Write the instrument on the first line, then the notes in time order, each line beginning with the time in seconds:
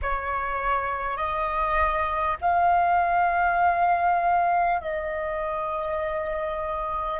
flute
0.02 C#5
1.17 D#5
2.41 F5
4.81 D#5